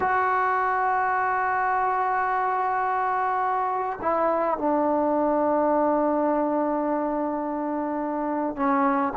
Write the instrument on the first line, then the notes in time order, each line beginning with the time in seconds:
trombone
0.00 F#4
4.01 E4
4.58 D4
8.56 C#4